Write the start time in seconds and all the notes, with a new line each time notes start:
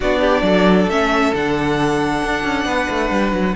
0.00 B3 D4 F#4 D5
0.20 G4
0.42 F#3 A4
0.87 A3 C#4 E5
1.34 D3 D4 F#5
2.23 D4
2.44 C#4
2.65 B3 B4
2.90 A3
3.10 G3
3.32 F#3